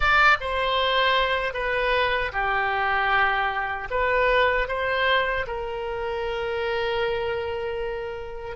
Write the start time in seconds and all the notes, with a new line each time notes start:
0.00 D5
0.40 C5
1.53 B4
2.32 G4
3.90 B4
4.68 C5
5.47 A#4